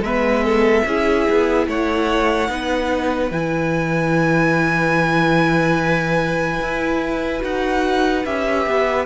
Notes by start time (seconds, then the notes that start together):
0.00 G#3 B3 B4 E5
0.44 A4
0.86 C#4 E4 G#4
1.30 B3
1.67 A3 C#5 F#5
2.48 B3 D#4 B4
3.31 E3 E4 G#5
6.60 E4
7.39 D#4 F#4 F#5
8.25 C#4 G4 E5
8.66 B3